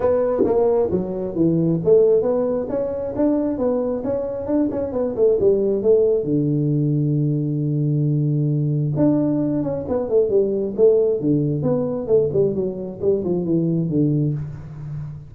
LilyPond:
\new Staff \with { instrumentName = "tuba" } { \time 4/4 \tempo 4 = 134 b4 ais4 fis4 e4 | a4 b4 cis'4 d'4 | b4 cis'4 d'8 cis'8 b8 a8 | g4 a4 d2~ |
d1 | d'4. cis'8 b8 a8 g4 | a4 d4 b4 a8 g8 | fis4 g8 f8 e4 d4 | }